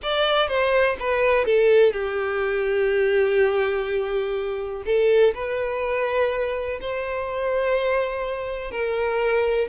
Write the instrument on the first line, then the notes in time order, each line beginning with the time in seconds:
violin
0.02 D5
0.48 C5
0.99 B4
1.45 A4
1.92 G4
4.85 A4
5.34 B4
6.80 C5
8.71 A#4